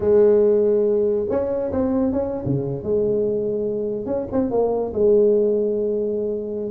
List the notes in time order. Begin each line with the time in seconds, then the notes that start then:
0.00 G#3
1.29 C#4
1.72 C4
2.12 C#4
2.45 C#3
2.83 G#3
4.06 C#4
4.32 C4
4.50 A#3
4.93 G#3